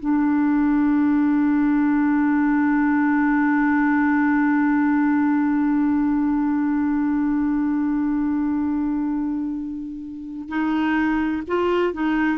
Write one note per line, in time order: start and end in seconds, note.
0.00 10.49 D4
10.49 11.43 D#4
11.48 11.94 F4
11.94 12.39 D#4